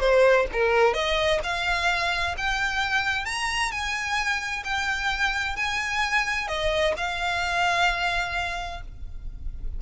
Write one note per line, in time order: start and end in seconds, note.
0.00 0.46 C5
0.53 0.94 A#4
0.94 1.40 D#5
1.43 2.36 F5
2.38 3.26 G5
3.26 3.72 A#5
3.72 4.64 G#5
4.64 5.56 G5
5.56 6.48 G#5
6.48 6.94 D#5
6.97 8.82 F5